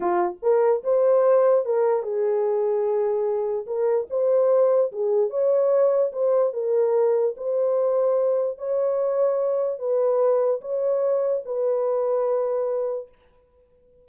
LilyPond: \new Staff \with { instrumentName = "horn" } { \time 4/4 \tempo 4 = 147 f'4 ais'4 c''2 | ais'4 gis'2.~ | gis'4 ais'4 c''2 | gis'4 cis''2 c''4 |
ais'2 c''2~ | c''4 cis''2. | b'2 cis''2 | b'1 | }